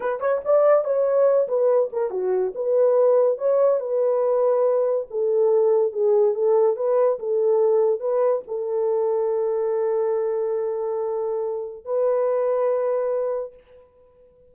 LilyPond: \new Staff \with { instrumentName = "horn" } { \time 4/4 \tempo 4 = 142 b'8 cis''8 d''4 cis''4. b'8~ | b'8 ais'8 fis'4 b'2 | cis''4 b'2. | a'2 gis'4 a'4 |
b'4 a'2 b'4 | a'1~ | a'1 | b'1 | }